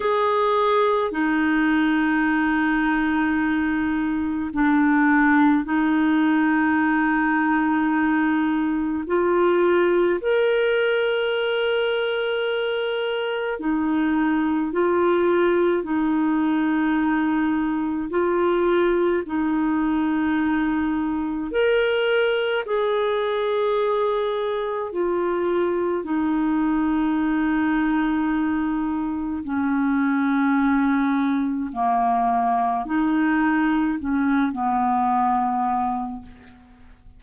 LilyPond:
\new Staff \with { instrumentName = "clarinet" } { \time 4/4 \tempo 4 = 53 gis'4 dis'2. | d'4 dis'2. | f'4 ais'2. | dis'4 f'4 dis'2 |
f'4 dis'2 ais'4 | gis'2 f'4 dis'4~ | dis'2 cis'2 | ais4 dis'4 cis'8 b4. | }